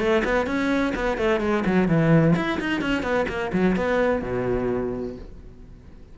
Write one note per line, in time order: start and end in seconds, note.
0.00 0.23 A3
0.25 0.47 B3
0.47 0.94 C#4
0.96 1.18 B3
1.18 1.41 A3
1.41 1.64 G#3
1.66 1.89 F#3
1.89 2.35 E3
2.37 2.60 E4
2.60 2.82 D#4
2.82 3.03 C#4
3.03 3.27 B3
3.29 3.52 A#3
3.53 3.76 F#3
3.76 4.23 B3
4.23 5.16 B2